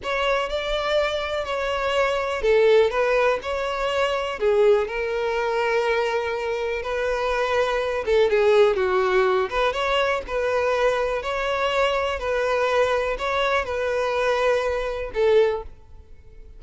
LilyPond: \new Staff \with { instrumentName = "violin" } { \time 4/4 \tempo 4 = 123 cis''4 d''2 cis''4~ | cis''4 a'4 b'4 cis''4~ | cis''4 gis'4 ais'2~ | ais'2 b'2~ |
b'8 a'8 gis'4 fis'4. b'8 | cis''4 b'2 cis''4~ | cis''4 b'2 cis''4 | b'2. a'4 | }